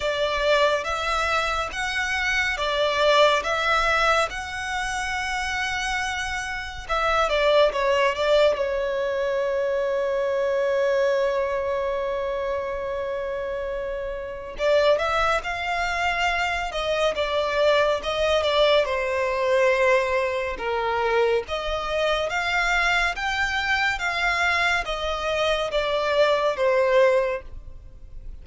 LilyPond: \new Staff \with { instrumentName = "violin" } { \time 4/4 \tempo 4 = 70 d''4 e''4 fis''4 d''4 | e''4 fis''2. | e''8 d''8 cis''8 d''8 cis''2~ | cis''1~ |
cis''4 d''8 e''8 f''4. dis''8 | d''4 dis''8 d''8 c''2 | ais'4 dis''4 f''4 g''4 | f''4 dis''4 d''4 c''4 | }